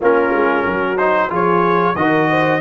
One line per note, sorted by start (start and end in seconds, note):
0.00 0.32 A#3
0.00 0.97 C#4
0.00 0.64 F4
0.00 0.97 A#4
0.32 0.65 G#3
0.64 1.29 F#3
0.64 1.30 F#4
0.97 1.29 D#4
0.97 1.30 C5
1.29 1.94 F3
1.29 1.95 F4
1.29 1.95 G#4
1.29 1.95 C#5
1.95 2.60 D#3
1.95 2.60 F#4
1.95 2.29 A#4
1.95 2.60 D#5
2.29 2.60 C5